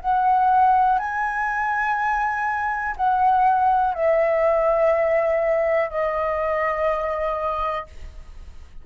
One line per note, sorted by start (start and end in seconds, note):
0.00 0.98 F#5
0.98 2.95 G#5
2.96 3.94 F#5
3.94 5.90 E5
5.90 7.86 D#5